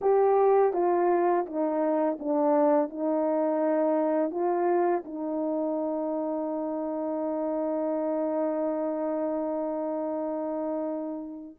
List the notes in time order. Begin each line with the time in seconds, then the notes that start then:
0.01 G4
0.73 F4
1.46 D#4
2.19 D4
2.89 D#4
4.30 F4
5.04 D#4